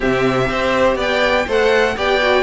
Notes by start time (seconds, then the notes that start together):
0.00 C3 C4 G4 E5
0.45 C4 G4 C5
0.95 B3 D5 G5
1.46 A3 A4 C5 F#5
1.96 B3 G4 D5 G5
2.21 F#4